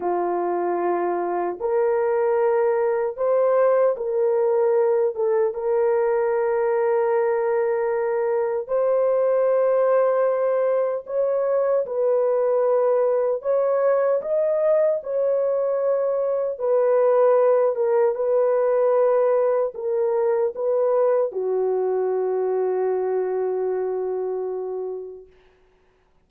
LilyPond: \new Staff \with { instrumentName = "horn" } { \time 4/4 \tempo 4 = 76 f'2 ais'2 | c''4 ais'4. a'8 ais'4~ | ais'2. c''4~ | c''2 cis''4 b'4~ |
b'4 cis''4 dis''4 cis''4~ | cis''4 b'4. ais'8 b'4~ | b'4 ais'4 b'4 fis'4~ | fis'1 | }